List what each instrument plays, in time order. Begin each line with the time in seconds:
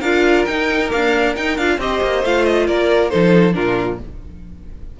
0.00 cello D4, viola F4, violin A#4 F5
0.45 viola D#4, cello D#4, violin G5
0.88 viola A#3, violin F5
0.94 cello D4
1.36 viola D#4, cello D#4, violin G5
1.57 cello D4, viola F4, violin F5
1.78 cello C4, viola G4, violin C5 D#5
2.02 cello A#3
2.24 cello A3, viola F4, violin F5
2.45 violin D#5
2.67 cello A#3, violin A#4 D5
3.09 cello F3, viola D#4, violin A4 C5
3.53 cello A#2, viola D4, violin F4 A#4